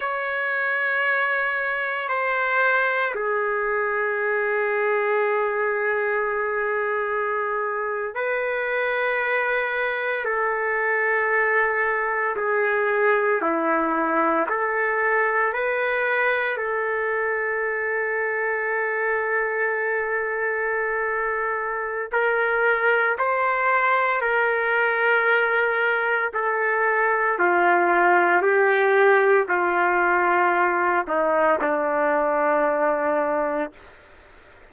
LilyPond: \new Staff \with { instrumentName = "trumpet" } { \time 4/4 \tempo 4 = 57 cis''2 c''4 gis'4~ | gis'2.~ gis'8. b'16~ | b'4.~ b'16 a'2 gis'16~ | gis'8. e'4 a'4 b'4 a'16~ |
a'1~ | a'4 ais'4 c''4 ais'4~ | ais'4 a'4 f'4 g'4 | f'4. dis'8 d'2 | }